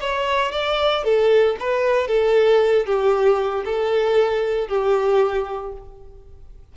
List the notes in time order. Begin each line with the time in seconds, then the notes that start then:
0.00 C#5
0.51 D5
1.04 A4
1.59 B4
2.07 A4
2.86 G4
3.65 A4
4.68 G4